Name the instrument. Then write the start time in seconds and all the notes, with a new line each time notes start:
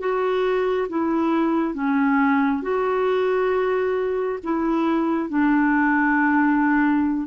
clarinet
0.00 F#4
0.89 E4
1.74 C#4
2.63 F#4
4.44 E4
5.29 D4